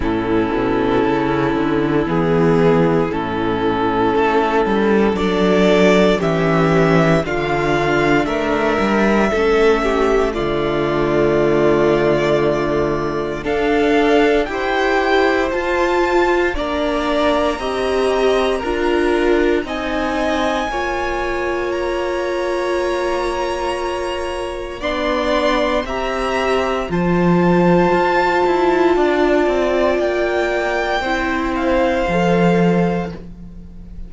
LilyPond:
<<
  \new Staff \with { instrumentName = "violin" } { \time 4/4 \tempo 4 = 58 a'2 gis'4 a'4~ | a'4 d''4 e''4 f''4 | e''2 d''2~ | d''4 f''4 g''4 a''4 |
ais''2. gis''4~ | gis''4 ais''2. | c'''4 ais''4 a''2~ | a''4 g''4. f''4. | }
  \new Staff \with { instrumentName = "violin" } { \time 4/4 e'1~ | e'4 a'4 g'4 f'4 | ais'4 a'8 g'8 f'2~ | f'4 a'4 c''2 |
d''4 dis''4 ais'4 dis''4 | cis''1 | d''4 e''4 c''2 | d''2 c''2 | }
  \new Staff \with { instrumentName = "viola" } { \time 4/4 cis'2 b4 cis'4~ | cis'4 d'4 cis'4 d'4~ | d'4 cis'4 a2~ | a4 d'4 g'4 f'4 |
d'4 g'4 f'4 dis'4 | f'1 | d'4 g'4 f'2~ | f'2 e'4 a'4 | }
  \new Staff \with { instrumentName = "cello" } { \time 4/4 a,8 b,8 cis8 d8 e4 a,4 | a8 g8 fis4 e4 d4 | a8 g8 a4 d2~ | d4 d'4 e'4 f'4 |
ais4 c'4 d'4 c'4 | ais1 | b4 c'4 f4 f'8 e'8 | d'8 c'8 ais4 c'4 f4 | }
>>